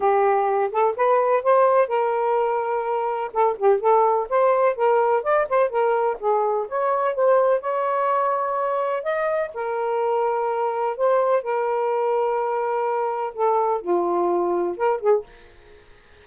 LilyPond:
\new Staff \with { instrumentName = "saxophone" } { \time 4/4 \tempo 4 = 126 g'4. a'8 b'4 c''4 | ais'2. a'8 g'8 | a'4 c''4 ais'4 d''8 c''8 | ais'4 gis'4 cis''4 c''4 |
cis''2. dis''4 | ais'2. c''4 | ais'1 | a'4 f'2 ais'8 gis'8 | }